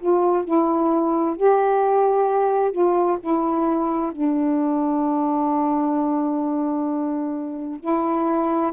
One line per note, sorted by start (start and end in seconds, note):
0.00 0.44 F4
0.44 1.37 E4
1.37 2.72 G4
2.72 3.18 F4
3.20 4.12 E4
4.12 7.80 D4
7.80 8.73 E4